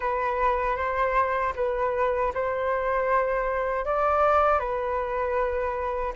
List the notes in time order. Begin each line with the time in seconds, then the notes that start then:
0.00 B4
0.76 C5
1.55 B4
2.34 C5
3.85 D5
4.59 B4